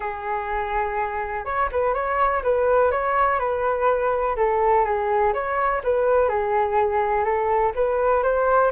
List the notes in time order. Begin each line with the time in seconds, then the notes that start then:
0.00 G#4
1.45 C#5
1.71 B4
1.94 C#5
2.43 B4
2.91 C#5
3.39 B4
4.36 A4
4.85 G#4
5.33 C#5
5.83 B4
6.28 G#4
7.24 A4
7.75 B4
8.23 C5